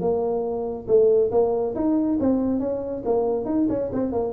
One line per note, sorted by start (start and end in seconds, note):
0.00 0.86 A#3
0.88 1.31 A3
1.31 1.74 A#3
1.75 2.18 D#4
2.20 2.60 C4
2.60 3.03 C#4
3.05 3.45 A#3
3.45 3.67 D#4
3.69 3.90 C#4
3.92 4.12 C4
4.12 4.33 A#3